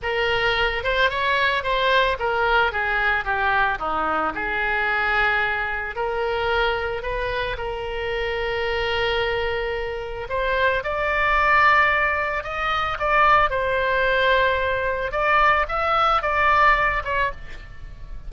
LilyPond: \new Staff \with { instrumentName = "oboe" } { \time 4/4 \tempo 4 = 111 ais'4. c''8 cis''4 c''4 | ais'4 gis'4 g'4 dis'4 | gis'2. ais'4~ | ais'4 b'4 ais'2~ |
ais'2. c''4 | d''2. dis''4 | d''4 c''2. | d''4 e''4 d''4. cis''8 | }